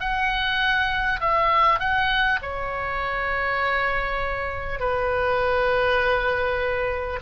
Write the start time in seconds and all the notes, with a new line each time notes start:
0.00 F#5
1.20 E5
1.79 F#5
2.42 C#5
4.79 B4